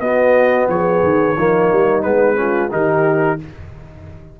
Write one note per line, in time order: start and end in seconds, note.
0.00 0.67 B3
0.00 1.36 B3
0.00 0.69 F#4
0.00 0.67 D#5
0.69 1.02 F3
0.69 1.36 G#4
0.69 2.02 C#5
1.03 1.37 D#3
1.36 1.71 F3
1.36 2.02 A#3
1.36 2.37 D#4
1.72 2.04 G3
2.02 2.72 G#3
2.02 2.35 B3
2.02 2.70 B4
2.35 2.69 C#4
2.35 2.72 F4
2.71 3.39 D#3
2.71 3.38 D#4
2.71 3.39 G4
2.71 3.40 A#4